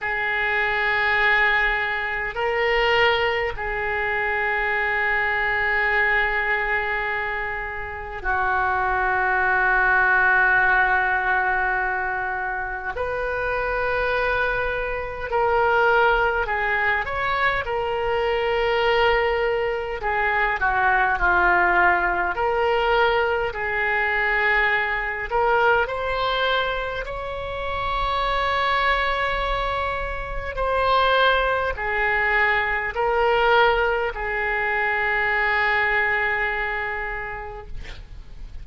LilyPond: \new Staff \with { instrumentName = "oboe" } { \time 4/4 \tempo 4 = 51 gis'2 ais'4 gis'4~ | gis'2. fis'4~ | fis'2. b'4~ | b'4 ais'4 gis'8 cis''8 ais'4~ |
ais'4 gis'8 fis'8 f'4 ais'4 | gis'4. ais'8 c''4 cis''4~ | cis''2 c''4 gis'4 | ais'4 gis'2. | }